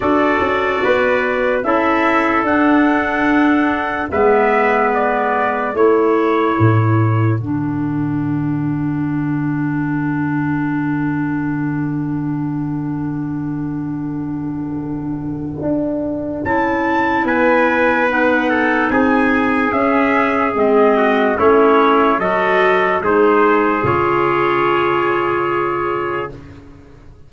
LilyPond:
<<
  \new Staff \with { instrumentName = "trumpet" } { \time 4/4 \tempo 4 = 73 d''2 e''4 fis''4~ | fis''4 e''4 d''4 cis''4~ | cis''4 fis''2.~ | fis''1~ |
fis''1 | a''4 gis''4 fis''4 gis''4 | e''4 dis''4 cis''4 dis''4 | c''4 cis''2. | }
  \new Staff \with { instrumentName = "trumpet" } { \time 4/4 a'4 b'4 a'2~ | a'4 b'2 a'4~ | a'1~ | a'1~ |
a'1~ | a'4 b'4. a'8 gis'4~ | gis'4. fis'8 e'4 a'4 | gis'1 | }
  \new Staff \with { instrumentName = "clarinet" } { \time 4/4 fis'2 e'4 d'4~ | d'4 b2 e'4~ | e'4 d'2.~ | d'1~ |
d'1 | e'2 dis'2 | cis'4 c'4 cis'4 fis'4 | dis'4 f'2. | }
  \new Staff \with { instrumentName = "tuba" } { \time 4/4 d'8 cis'8 b4 cis'4 d'4~ | d'4 gis2 a4 | a,4 d2.~ | d1~ |
d2. d'4 | cis'4 b2 c'4 | cis'4 gis4 a4 fis4 | gis4 cis2. | }
>>